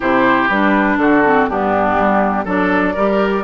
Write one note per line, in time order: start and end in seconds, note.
0.00 0.49 C3
0.00 0.49 E4
0.00 0.96 G4
0.00 0.47 C5
0.47 0.97 G3
0.47 1.25 D4
0.47 0.97 B4
0.97 1.46 D3
0.97 1.49 F#4
0.97 1.46 A4
1.25 1.49 C4
1.48 1.98 G2
1.48 2.45 B3
1.48 2.44 D4
1.48 2.46 G4
1.99 2.45 G3
2.44 2.94 F#3
2.44 2.94 D4
2.44 2.93 A4
2.44 3.43 D5
2.94 3.43 G3
2.94 3.43 G4
2.94 3.43 A#4